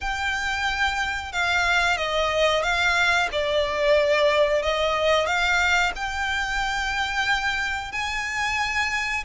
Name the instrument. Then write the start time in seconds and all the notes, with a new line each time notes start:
violin
0.01 G5
1.32 F5
1.97 D#5
2.62 F5
3.32 D5
4.62 D#5
5.26 F5
5.95 G5
7.92 G#5